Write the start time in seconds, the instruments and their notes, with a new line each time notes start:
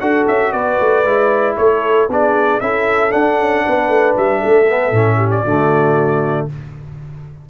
0.00 tuba D4, trombone F#4, horn A4, trumpet F#5
0.27 tuba C#4, trumpet E5
0.52 tuba B3, horn B4, trumpet D5
0.80 tuba A3
1.05 tuba G#3, trombone E4
1.56 tuba A3, horn A4, trumpet C#5
2.09 tuba B3, trombone D4, horn G#4, trumpet D5
2.60 tuba C#4, trombone E4, horn A4, trumpet E5
3.10 trombone D4, tuba D4, trumpet F#5
3.39 tuba C#4
3.65 tuba B3, horn B4
3.88 tuba A3
4.17 tuba G3, trumpet E5
4.40 tuba A3, horn A4
4.69 trombone B3
4.91 tuba A2, trombone C#4
5.17 horn G4
5.31 trumpet D5
5.44 tuba D3, trombone A3, horn F#4